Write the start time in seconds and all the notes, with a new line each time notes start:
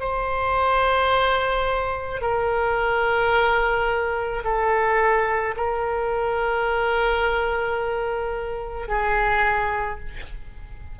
0.00 C5
2.21 A#4
4.44 A4
5.57 A#4
8.88 G#4